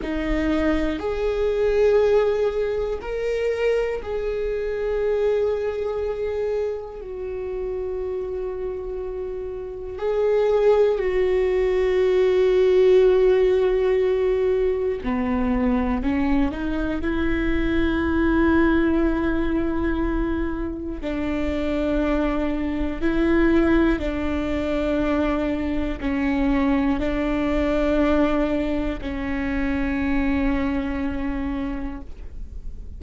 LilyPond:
\new Staff \with { instrumentName = "viola" } { \time 4/4 \tempo 4 = 60 dis'4 gis'2 ais'4 | gis'2. fis'4~ | fis'2 gis'4 fis'4~ | fis'2. b4 |
cis'8 dis'8 e'2.~ | e'4 d'2 e'4 | d'2 cis'4 d'4~ | d'4 cis'2. | }